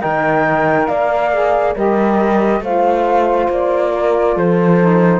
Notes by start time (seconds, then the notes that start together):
0.00 D#3 A#4 D#5 G5
0.86 A#3 D5 F5
1.32 G#4
1.75 G3 G4 A#4 D#5
2.61 A3 F4 C5 F5
3.49 A#3 D5
3.92 A#4
4.35 F3 A4 C5
4.80 D#4